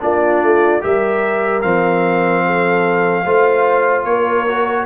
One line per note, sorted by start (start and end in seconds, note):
0.00 0.42 A#3
0.00 0.81 D4
0.00 0.84 F4
0.00 0.83 D5
0.42 0.83 A3
0.81 1.64 G3
0.81 1.62 G4
0.81 2.46 A#4
0.81 1.62 E5
1.62 3.26 F3
1.62 3.25 C4
1.62 4.05 F5
2.46 3.25 A4
3.25 4.05 A3
3.25 4.47 F4
3.25 4.06 C5
4.05 4.86 A#3
4.05 4.87 A#4
4.05 4.86 C#5
4.48 4.87 F#4